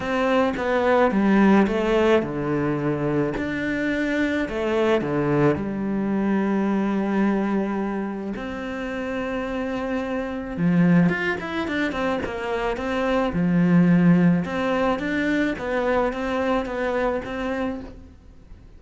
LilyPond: \new Staff \with { instrumentName = "cello" } { \time 4/4 \tempo 4 = 108 c'4 b4 g4 a4 | d2 d'2 | a4 d4 g2~ | g2. c'4~ |
c'2. f4 | f'8 e'8 d'8 c'8 ais4 c'4 | f2 c'4 d'4 | b4 c'4 b4 c'4 | }